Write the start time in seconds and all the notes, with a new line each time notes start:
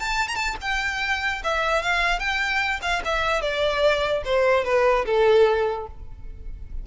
0.00 A5
0.29 A#5
0.36 A5
0.62 G5
1.44 E5
1.83 F5
2.19 G5
2.82 F5
3.05 E5
3.42 D5
4.25 C5
4.65 B4
5.06 A4